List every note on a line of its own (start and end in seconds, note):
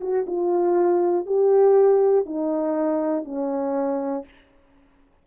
0.00 0.25 F#4
0.26 1.25 F4
1.25 2.25 G4
2.25 3.24 D#4
3.24 4.24 C#4